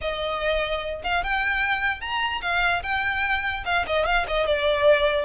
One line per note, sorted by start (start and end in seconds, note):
0.01 1.02 D#5
1.03 1.23 F5
1.23 2.00 G5
2.00 2.41 A#5
2.41 2.82 F5
2.82 3.64 G5
3.65 3.85 F5
3.87 4.05 D#5
4.05 4.26 F5
4.27 4.46 D#5
4.46 5.25 D5